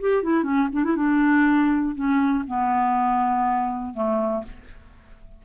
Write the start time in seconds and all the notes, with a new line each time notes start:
0.00 G4
0.23 E4
0.43 C#4
0.72 D4
0.84 E4
0.96 D4
1.95 C#4
2.47 B3
3.94 A3